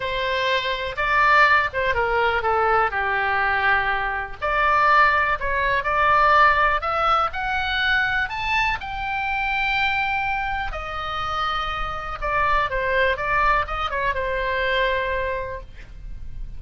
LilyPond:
\new Staff \with { instrumentName = "oboe" } { \time 4/4 \tempo 4 = 123 c''2 d''4. c''8 | ais'4 a'4 g'2~ | g'4 d''2 cis''4 | d''2 e''4 fis''4~ |
fis''4 a''4 g''2~ | g''2 dis''2~ | dis''4 d''4 c''4 d''4 | dis''8 cis''8 c''2. | }